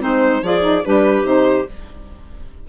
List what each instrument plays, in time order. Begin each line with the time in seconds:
0.00 bassoon G#3, saxophone C4, clarinet D#4, violin C5
0.42 bassoon F3, saxophone F4, clarinet G#4, violin D5
0.61 saxophone D#4
0.84 bassoon G3, saxophone D4, clarinet G4, violin B4
1.23 bassoon C3, saxophone D#4, violin C5